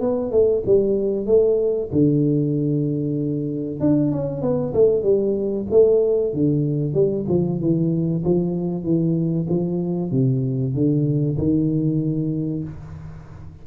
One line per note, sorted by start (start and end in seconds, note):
0.00 0.31 B3
0.31 0.63 A3
0.65 1.26 G3
1.26 1.89 A3
1.92 3.80 D3
3.80 4.11 D4
4.11 4.41 C#4
4.41 4.73 B3
4.73 5.03 A3
5.03 5.66 G3
5.70 6.33 A3
6.33 6.94 D3
6.94 7.25 G3
7.28 7.60 F3
7.60 8.23 E3
8.24 8.83 F3
8.83 9.47 E3
9.49 10.11 F3
10.11 10.74 C3
10.74 11.37 D3
11.37 12.63 D#3